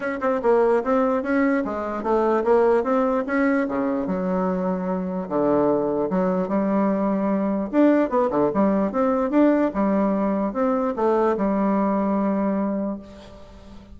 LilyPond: \new Staff \with { instrumentName = "bassoon" } { \time 4/4 \tempo 4 = 148 cis'8 c'8 ais4 c'4 cis'4 | gis4 a4 ais4 c'4 | cis'4 cis4 fis2~ | fis4 d2 fis4 |
g2. d'4 | b8 d8 g4 c'4 d'4 | g2 c'4 a4 | g1 | }